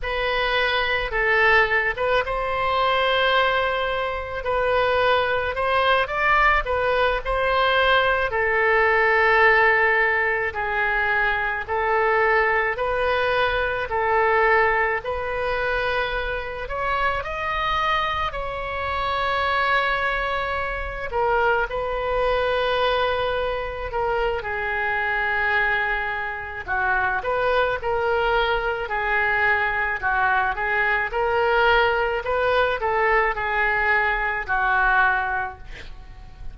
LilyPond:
\new Staff \with { instrumentName = "oboe" } { \time 4/4 \tempo 4 = 54 b'4 a'8. b'16 c''2 | b'4 c''8 d''8 b'8 c''4 a'8~ | a'4. gis'4 a'4 b'8~ | b'8 a'4 b'4. cis''8 dis''8~ |
dis''8 cis''2~ cis''8 ais'8 b'8~ | b'4. ais'8 gis'2 | fis'8 b'8 ais'4 gis'4 fis'8 gis'8 | ais'4 b'8 a'8 gis'4 fis'4 | }